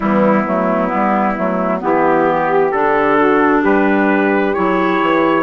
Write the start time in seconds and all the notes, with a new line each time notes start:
0.00 E3 G3 B3 E4
0.47 F#3 A3
0.87 G3 B3
1.36 F#3 A3
1.79 E3 B3 E4 G4
2.28 G4
2.71 D3 D4 A4
3.18 F#4
3.61 G3 G4 B4
4.53 F#3 E4 C#5
5.01 E3